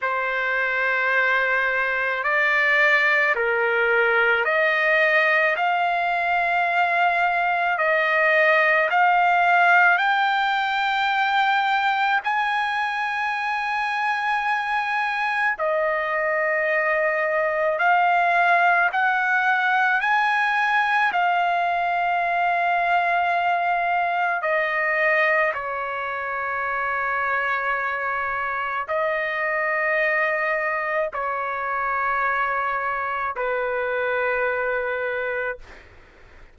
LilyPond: \new Staff \with { instrumentName = "trumpet" } { \time 4/4 \tempo 4 = 54 c''2 d''4 ais'4 | dis''4 f''2 dis''4 | f''4 g''2 gis''4~ | gis''2 dis''2 |
f''4 fis''4 gis''4 f''4~ | f''2 dis''4 cis''4~ | cis''2 dis''2 | cis''2 b'2 | }